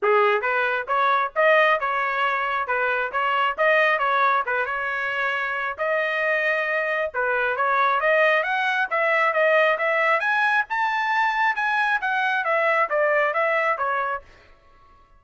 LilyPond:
\new Staff \with { instrumentName = "trumpet" } { \time 4/4 \tempo 4 = 135 gis'4 b'4 cis''4 dis''4 | cis''2 b'4 cis''4 | dis''4 cis''4 b'8 cis''4.~ | cis''4 dis''2. |
b'4 cis''4 dis''4 fis''4 | e''4 dis''4 e''4 gis''4 | a''2 gis''4 fis''4 | e''4 d''4 e''4 cis''4 | }